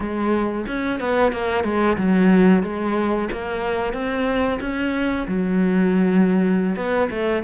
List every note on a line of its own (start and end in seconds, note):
0.00 0.66 G#3
0.67 1.00 C#4
1.00 1.32 B3
1.32 1.64 A#3
1.64 1.97 G#3
1.97 2.63 F#3
2.63 3.28 G#3
3.31 3.93 A#3
3.93 4.59 C4
4.60 5.26 C#4
5.27 6.76 F#3
6.76 7.09 B3
7.10 7.43 A3